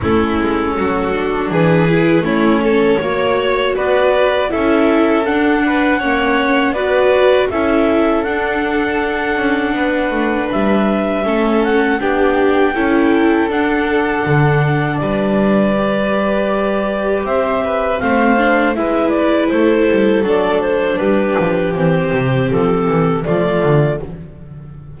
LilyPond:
<<
  \new Staff \with { instrumentName = "clarinet" } { \time 4/4 \tempo 4 = 80 a'2 b'4 cis''4~ | cis''4 d''4 e''4 fis''4~ | fis''4 d''4 e''4 fis''4~ | fis''2 e''4. fis''8 |
g''2 fis''2 | d''2. e''4 | f''4 e''8 d''8 c''4 d''8 c''8 | b'4 c''4 a'4 d''4 | }
  \new Staff \with { instrumentName = "violin" } { \time 4/4 e'4 fis'4 gis'4 e'8 a'8 | cis''4 b'4 a'4. b'8 | cis''4 b'4 a'2~ | a'4 b'2 a'4 |
g'4 a'2. | b'2. c''8 b'8 | c''4 b'4 a'2 | g'2. f'4 | }
  \new Staff \with { instrumentName = "viola" } { \time 4/4 cis'4. d'4 e'8 cis'4 | fis'2 e'4 d'4 | cis'4 fis'4 e'4 d'4~ | d'2. cis'4 |
d'4 e'4 d'2~ | d'4 g'2. | c'8 d'8 e'2 d'4~ | d'4 c'2 a4 | }
  \new Staff \with { instrumentName = "double bass" } { \time 4/4 a8 gis8 fis4 e4 a4 | ais4 b4 cis'4 d'4 | ais4 b4 cis'4 d'4~ | d'8 cis'8 b8 a8 g4 a4 |
b4 cis'4 d'4 d4 | g2. c'4 | a4 gis4 a8 g8 fis4 | g8 f8 e8 c8 f8 e8 f8 d8 | }
>>